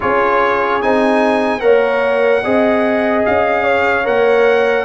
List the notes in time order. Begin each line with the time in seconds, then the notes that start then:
0.00 C#4 F4 G#4 C#5
0.82 C4 D#4 G#5
1.60 A#3 A#4 C#5 F#5
2.43 C4 G#4 D#5
3.25 C#4 F5
3.63 C#5
4.04 A#3 A#4 F#5